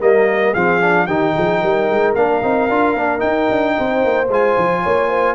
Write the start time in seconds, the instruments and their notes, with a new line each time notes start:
0.00 tuba G3, trombone A#3, horn A#4, trumpet D#5
0.52 tuba F3, trombone C4, horn G#4, trumpet F5
0.81 trombone D4
1.06 tuba D#3, trombone D#4, horn G4, trumpet G5
1.34 tuba F3, horn G#4
1.61 tuba G3, horn A#4
1.90 tuba G#3
2.15 tuba A#3, trombone D4, trumpet F5
2.42 tuba C4, trombone D#4
2.69 tuba D4, trombone F4
2.95 tuba A#3, trombone D4
3.18 trombone D#4, tuba D#4, trumpet G5
3.50 tuba D4
3.77 tuba C4, horn C5
4.04 tuba A#3
4.29 tuba G#3, trombone F4, trumpet G#5
4.57 tuba F3
4.83 tuba A#3, horn C#5
5.09 horn C5